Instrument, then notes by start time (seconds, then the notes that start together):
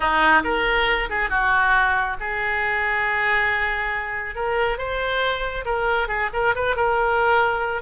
oboe
0.00 D#4
0.43 A#4
1.09 G#4
1.29 F#4
2.20 G#4
4.35 A#4
4.77 C5
5.65 A#4
6.08 G#4
6.33 A#4
6.55 B4
6.75 A#4